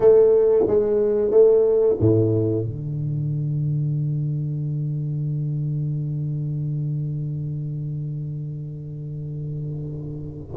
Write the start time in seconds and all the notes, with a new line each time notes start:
0.00 A3
0.67 G#3
1.30 A3
1.99 A2
2.64 D3